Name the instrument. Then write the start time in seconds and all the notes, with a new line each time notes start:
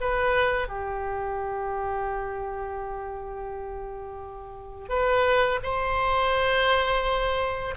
oboe
0.00 B4
0.68 G4
4.89 B4
5.62 C5